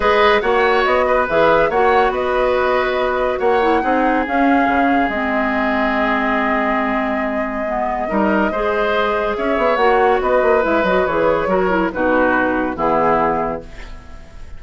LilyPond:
<<
  \new Staff \with { instrumentName = "flute" } { \time 4/4 \tempo 4 = 141 dis''4 fis''4 dis''4 e''4 | fis''4 dis''2. | fis''2 f''2 | dis''1~ |
dis''1~ | dis''2 e''4 fis''4 | dis''4 e''8 dis''8 cis''2 | b'2 gis'2 | }
  \new Staff \with { instrumentName = "oboe" } { \time 4/4 b'4 cis''4. b'4. | cis''4 b'2. | cis''4 gis'2.~ | gis'1~ |
gis'2. ais'4 | c''2 cis''2 | b'2. ais'4 | fis'2 e'2 | }
  \new Staff \with { instrumentName = "clarinet" } { \time 4/4 gis'4 fis'2 gis'4 | fis'1~ | fis'8 e'8 dis'4 cis'2 | c'1~ |
c'2 b4 dis'4 | gis'2. fis'4~ | fis'4 e'8 fis'8 gis'4 fis'8 e'8 | dis'2 b2 | }
  \new Staff \with { instrumentName = "bassoon" } { \time 4/4 gis4 ais4 b4 e4 | ais4 b2. | ais4 c'4 cis'4 cis4 | gis1~ |
gis2. g4 | gis2 cis'8 b8 ais4 | b8 ais8 gis8 fis8 e4 fis4 | b,2 e2 | }
>>